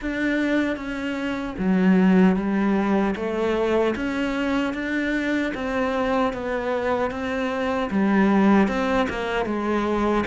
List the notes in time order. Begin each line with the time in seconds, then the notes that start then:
0.01 D4
0.76 C#4
1.58 F#3
2.35 G3
3.15 A3
3.95 C#4
4.73 D4
5.54 C4
6.33 B3
7.11 C4
7.91 G3
8.68 C4
9.09 A#3
9.45 G#3